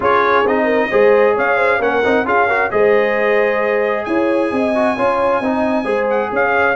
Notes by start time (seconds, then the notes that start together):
0.00 C#4 F4 G#4 C#5
0.43 C4 D#4 D#5
0.64 A#4
0.90 G#3 G#4 C5
1.34 C#4 C#5 F5
1.56 C5
1.78 A#3 C#4 A#4 F#5
2.04 C4 D#4
2.24 C#4 F4 G#4 F5
2.47 F#4 A#4
2.70 G#3 G#4 C5 D#5
4.04 E4 C#5 G#5
4.51 C4 D#5
4.74 F#4
4.96 C#4 F4 C#5
5.40 C4 D#4 D#5
5.83 G#3 G#4 C5
6.09 F#5
6.32 C#4 C#5 F5